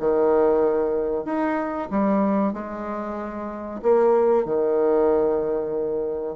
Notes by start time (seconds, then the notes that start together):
0.00 D#3
1.25 D#4
1.91 G3
2.54 G#3
3.83 A#3
4.45 D#3